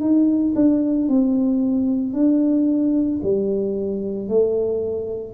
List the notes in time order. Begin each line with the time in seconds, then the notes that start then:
0.00 D#4
0.55 D4
1.08 C4
2.13 D4
3.22 G3
4.28 A3